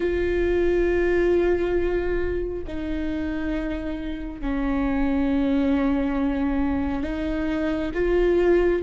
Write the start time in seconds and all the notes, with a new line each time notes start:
0.00 F4
2.67 D#4
4.41 C#4
7.03 D#4
7.94 F4